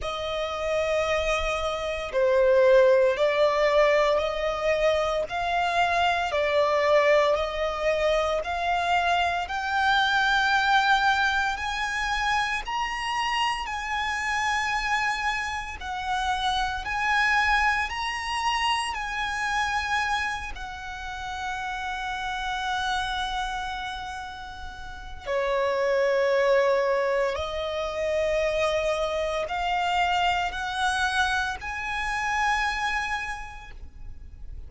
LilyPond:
\new Staff \with { instrumentName = "violin" } { \time 4/4 \tempo 4 = 57 dis''2 c''4 d''4 | dis''4 f''4 d''4 dis''4 | f''4 g''2 gis''4 | ais''4 gis''2 fis''4 |
gis''4 ais''4 gis''4. fis''8~ | fis''1 | cis''2 dis''2 | f''4 fis''4 gis''2 | }